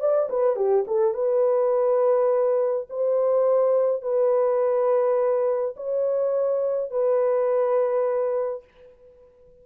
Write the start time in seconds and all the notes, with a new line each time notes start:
0.00 D5
0.30 B4
0.56 G4
0.87 A4
1.14 B4
2.90 C5
4.02 B4
5.76 C#5
6.91 B4